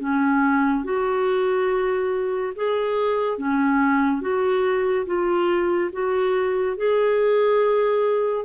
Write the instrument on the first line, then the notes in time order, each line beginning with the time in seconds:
clarinet
0.00 C#4
0.84 F#4
2.56 G#4
3.38 C#4
4.21 F#4
5.06 F4
5.93 F#4
6.77 G#4